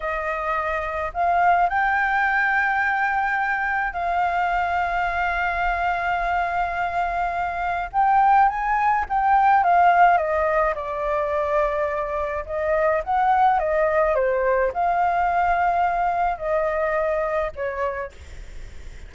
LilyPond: \new Staff \with { instrumentName = "flute" } { \time 4/4 \tempo 4 = 106 dis''2 f''4 g''4~ | g''2. f''4~ | f''1~ | f''2 g''4 gis''4 |
g''4 f''4 dis''4 d''4~ | d''2 dis''4 fis''4 | dis''4 c''4 f''2~ | f''4 dis''2 cis''4 | }